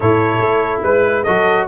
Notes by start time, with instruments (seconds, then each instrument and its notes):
0.00 tuba A2, trombone E4, horn A4, trumpet C#5
0.39 tuba A3
0.83 tuba G#3, trumpet B4, horn B4
1.23 tuba F#3, trombone F#4, horn A4, trumpet D#5